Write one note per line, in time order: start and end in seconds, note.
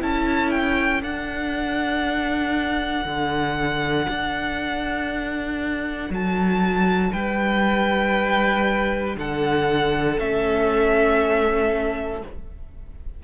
0.00 1.02 C#4
0.00 1.01 E4
0.00 7.12 A4
0.00 0.50 A5
0.50 1.01 G5
1.01 10.16 D4
1.01 3.05 D4
1.01 6.11 F#5
3.05 4.07 D3
4.09 6.10 D4
6.10 7.11 F#3
6.10 7.12 A5
7.12 9.16 G3
7.12 9.15 B4
7.12 9.16 G5
9.16 10.18 D3
9.16 12.24 A4
9.16 10.19 F#5
10.18 12.22 A3
10.18 12.21 C#4
10.18 12.22 E5